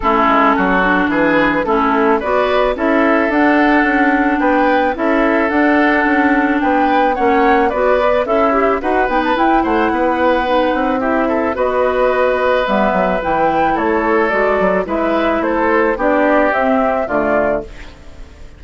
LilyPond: <<
  \new Staff \with { instrumentName = "flute" } { \time 4/4 \tempo 4 = 109 a'2 b'4 a'4 | d''4 e''4 fis''2 | g''4 e''4 fis''2 | g''4 fis''4 d''4 e''4 |
fis''8 g''16 a''16 g''8 fis''2~ fis''8 | e''4 dis''2 e''4 | g''4 cis''4 d''4 e''4 | c''4 d''4 e''4 d''4 | }
  \new Staff \with { instrumentName = "oboe" } { \time 4/4 e'4 fis'4 gis'4 e'4 | b'4 a'2. | b'4 a'2. | b'4 cis''4 b'4 e'4 |
b'4. c''8 b'2 | g'8 a'8 b'2.~ | b'4 a'2 b'4 | a'4 g'2 f'4 | }
  \new Staff \with { instrumentName = "clarinet" } { \time 4/4 cis'4. d'4. cis'4 | fis'4 e'4 d'2~ | d'4 e'4 d'2~ | d'4 cis'4 fis'8 b'8 a'8 g'8 |
fis'8 dis'8 e'2 dis'4 | e'4 fis'2 b4 | e'2 fis'4 e'4~ | e'4 d'4 c'4 a4 | }
  \new Staff \with { instrumentName = "bassoon" } { \time 4/4 a8 gis8 fis4 e4 a4 | b4 cis'4 d'4 cis'4 | b4 cis'4 d'4 cis'4 | b4 ais4 b4 cis'4 |
dis'8 b8 e'8 a8 b4. c'8~ | c'4 b2 g8 fis8 | e4 a4 gis8 fis8 gis4 | a4 b4 c'4 d4 | }
>>